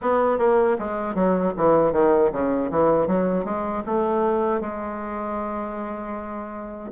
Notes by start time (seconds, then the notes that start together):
0.01 B3
0.38 A#3
0.78 G#3
1.14 F#3
1.57 E3
1.92 D#3
2.31 C#3
2.70 E3
3.07 F#3
3.44 G#3
3.85 A3
4.60 G#3